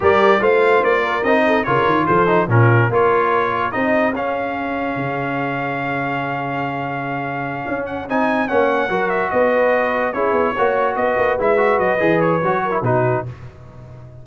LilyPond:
<<
  \new Staff \with { instrumentName = "trumpet" } { \time 4/4 \tempo 4 = 145 d''4 f''4 d''4 dis''4 | cis''4 c''4 ais'4 cis''4~ | cis''4 dis''4 f''2~ | f''1~ |
f''2. fis''8 gis''8~ | gis''8 fis''4. e''8 dis''4.~ | dis''8 cis''2 dis''4 e''8~ | e''8 dis''4 cis''4. b'4 | }
  \new Staff \with { instrumentName = "horn" } { \time 4/4 ais'4 c''4. ais'4 a'8 | ais'4 a'4 f'4 ais'4~ | ais'4 gis'2.~ | gis'1~ |
gis'1~ | gis'8 cis''4 ais'4 b'4.~ | b'8 gis'4 cis''4 b'4.~ | b'2~ b'8 ais'8 fis'4 | }
  \new Staff \with { instrumentName = "trombone" } { \time 4/4 g'4 f'2 dis'4 | f'4. dis'8 cis'4 f'4~ | f'4 dis'4 cis'2~ | cis'1~ |
cis'2.~ cis'8 dis'8~ | dis'8 cis'4 fis'2~ fis'8~ | fis'8 e'4 fis'2 e'8 | fis'4 gis'4 fis'8. e'16 dis'4 | }
  \new Staff \with { instrumentName = "tuba" } { \time 4/4 g4 a4 ais4 c'4 | cis8 dis8 f4 ais,4 ais4~ | ais4 c'4 cis'2 | cis1~ |
cis2~ cis8 cis'4 c'8~ | c'8 ais4 fis4 b4.~ | b8 cis'8 b8 ais4 b8 ais8 gis8~ | gis8 fis8 e4 fis4 b,4 | }
>>